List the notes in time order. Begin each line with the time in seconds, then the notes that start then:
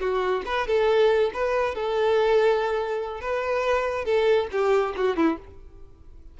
0.00 F#4
0.46 B4
0.67 A4
1.34 B4
1.75 A4
3.21 B4
4.05 A4
4.52 G4
4.96 F#4
5.16 E4